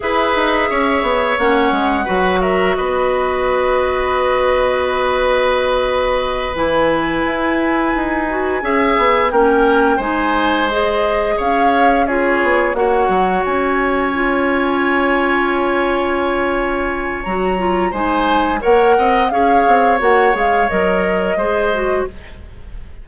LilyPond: <<
  \new Staff \with { instrumentName = "flute" } { \time 4/4 \tempo 4 = 87 e''2 fis''4. e''8 | dis''1~ | dis''4. gis''2~ gis''8~ | gis''4. g''4 gis''4 dis''8~ |
dis''8 f''4 cis''4 fis''4 gis''8~ | gis''1~ | gis''4 ais''4 gis''4 fis''4 | f''4 fis''8 f''8 dis''2 | }
  \new Staff \with { instrumentName = "oboe" } { \time 4/4 b'4 cis''2 b'8 ais'8 | b'1~ | b'1~ | b'8 e''4 ais'4 c''4.~ |
c''8 cis''4 gis'4 cis''4.~ | cis''1~ | cis''2 c''4 cis''8 dis''8 | cis''2. c''4 | }
  \new Staff \with { instrumentName = "clarinet" } { \time 4/4 gis'2 cis'4 fis'4~ | fis'1~ | fis'4. e'2~ e'8 | fis'8 gis'4 cis'4 dis'4 gis'8~ |
gis'4. f'4 fis'4.~ | fis'8 f'2.~ f'8~ | f'4 fis'8 f'8 dis'4 ais'4 | gis'4 fis'8 gis'8 ais'4 gis'8 fis'8 | }
  \new Staff \with { instrumentName = "bassoon" } { \time 4/4 e'8 dis'8 cis'8 b8 ais8 gis8 fis4 | b1~ | b4. e4 e'4 dis'8~ | dis'8 cis'8 b8 ais4 gis4.~ |
gis8 cis'4. b8 ais8 fis8 cis'8~ | cis'1~ | cis'4 fis4 gis4 ais8 c'8 | cis'8 c'8 ais8 gis8 fis4 gis4 | }
>>